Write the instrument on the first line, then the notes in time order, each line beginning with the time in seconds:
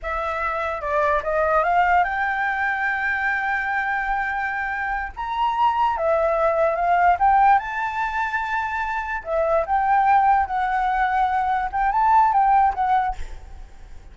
flute
0.02 E5
0.81 D5
1.23 D#5
1.63 F5
2.03 G5
5.16 A#5
5.97 E5
6.75 F5
7.19 G5
7.58 A5
9.24 E5
9.66 G5
10.46 F#5
11.71 G5
11.92 A5
12.32 G5
12.74 F#5